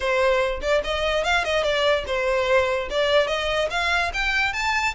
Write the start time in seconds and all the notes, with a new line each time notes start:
0.00 C5
0.61 D5
0.84 D#5
1.23 F5
1.44 D#5
1.63 D5
2.06 C5
2.90 D5
3.27 D#5
3.70 F5
4.13 G5
4.53 A5